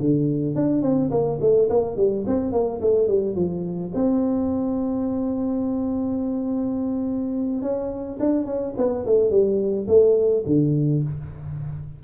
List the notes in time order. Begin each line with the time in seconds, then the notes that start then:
0.00 D3
0.55 D4
0.82 C4
1.11 A#3
1.41 A3
1.70 A#3
1.97 G3
2.27 C4
2.52 A#3
2.81 A3
3.08 G3
3.35 F3
3.94 C4
7.62 C#4
8.20 D4
8.46 C#4
8.77 B3
9.06 A3
9.31 G3
9.88 A3
10.46 D3